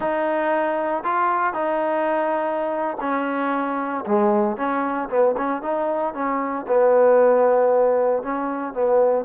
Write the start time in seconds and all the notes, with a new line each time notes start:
0.00 D#4
1.03 F4
1.53 D#4
3.00 C#4
4.05 G#3
4.56 C#4
5.09 B3
5.37 C#4
5.61 D#4
6.14 C#4
6.67 B3
8.22 C#4
8.73 B3